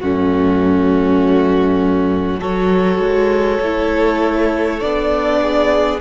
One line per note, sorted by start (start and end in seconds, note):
0.00 2.41 F#2
0.00 2.40 A3
0.00 2.40 C#4
0.00 2.40 F#4
2.40 2.98 F#3
2.40 3.60 F#4
2.40 5.40 A4
2.40 4.80 C#5
2.98 3.58 G#3
3.61 4.81 A3
3.61 4.81 E4
4.80 6.01 B3
4.80 6.01 D4
4.80 6.00 D5
5.42 6.01 G#4